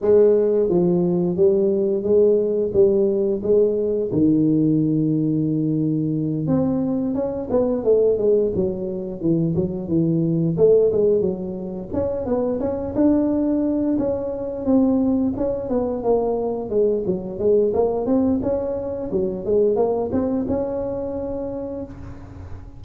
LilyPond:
\new Staff \with { instrumentName = "tuba" } { \time 4/4 \tempo 4 = 88 gis4 f4 g4 gis4 | g4 gis4 dis2~ | dis4. c'4 cis'8 b8 a8 | gis8 fis4 e8 fis8 e4 a8 |
gis8 fis4 cis'8 b8 cis'8 d'4~ | d'8 cis'4 c'4 cis'8 b8 ais8~ | ais8 gis8 fis8 gis8 ais8 c'8 cis'4 | fis8 gis8 ais8 c'8 cis'2 | }